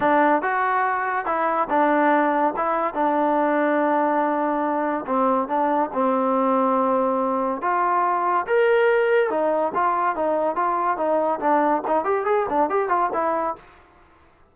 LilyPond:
\new Staff \with { instrumentName = "trombone" } { \time 4/4 \tempo 4 = 142 d'4 fis'2 e'4 | d'2 e'4 d'4~ | d'1 | c'4 d'4 c'2~ |
c'2 f'2 | ais'2 dis'4 f'4 | dis'4 f'4 dis'4 d'4 | dis'8 g'8 gis'8 d'8 g'8 f'8 e'4 | }